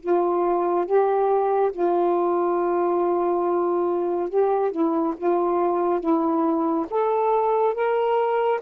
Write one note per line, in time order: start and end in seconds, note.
0.00 0.85 F4
0.85 1.71 G4
1.72 4.29 F4
4.29 4.71 G4
4.71 5.14 E4
5.17 6.00 F4
6.00 6.85 E4
6.90 7.74 A4
7.74 8.59 A#4